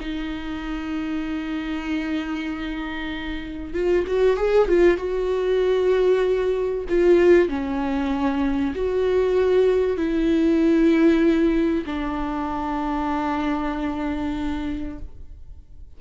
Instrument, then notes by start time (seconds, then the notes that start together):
viola
0.00 D#4
3.74 F4
4.07 F#4
4.37 G#4
4.68 F4
4.97 F#4
6.89 F4
7.49 C#4
8.75 F#4
9.97 E4
11.86 D4